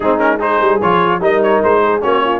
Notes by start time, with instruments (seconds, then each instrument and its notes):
0.00 tuba G#3, trombone C4, horn D#4, trumpet G#4
0.18 trombone C#4, trumpet A#4
0.38 trombone D#4, horn G#4, trumpet C5
0.61 tuba G3
0.81 tuba F3, trombone F4, trumpet C#5
1.20 tuba G3, trombone D#4, horn A#4, trumpet D#5
1.42 trumpet C#5
1.63 tuba G#3, trumpet C5
1.83 horn G#4
2.01 tuba A#3, trombone C#4, horn F#4, trumpet C#5
2.23 horn F4